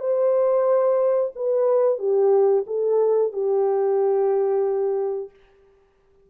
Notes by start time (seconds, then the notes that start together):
0.00 C5
1.35 B4
1.99 G4
2.67 A4
3.33 G4